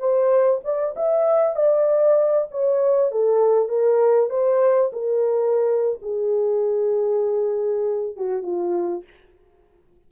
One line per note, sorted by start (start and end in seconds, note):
0.00 0.61 C5
0.65 0.95 D5
0.97 1.56 E5
1.56 2.48 D5
2.52 3.12 C#5
3.12 3.69 A4
3.69 4.30 A#4
4.30 4.91 C5
4.93 6.00 A#4
6.02 8.17 G#4
8.17 8.43 F#4
8.43 9.04 F4